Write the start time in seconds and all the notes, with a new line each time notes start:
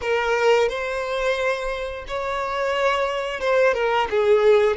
0.01 A#4
0.68 C5
2.07 C#5
3.40 C5
3.73 A#4
4.09 G#4